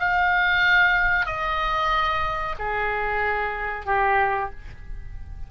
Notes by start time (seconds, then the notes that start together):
0.00 F5
1.26 D#5
2.59 G#4
3.86 G4